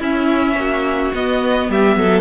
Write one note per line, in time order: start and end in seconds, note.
0.00 0.56 C#4
0.00 1.13 C#4
0.00 0.56 E4
0.00 1.15 E5
0.56 1.12 A#3
0.56 1.70 F#4
1.14 1.69 B3
1.14 2.21 B3
1.14 1.71 D#5
1.69 1.96 G3
1.69 1.98 G4
1.69 2.21 E5
1.96 2.21 F#3
1.96 2.21 A4